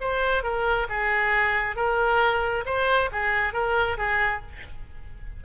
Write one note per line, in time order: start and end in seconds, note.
0.00 0.43 C5
0.43 0.87 A#4
0.89 1.76 G#4
1.76 2.64 A#4
2.65 3.09 C5
3.12 3.53 G#4
3.53 3.97 A#4
3.97 4.41 G#4